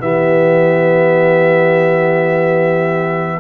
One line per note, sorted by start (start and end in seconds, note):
0.00 3.40 E3
0.00 3.40 B3
0.00 3.40 G4
0.00 3.40 E5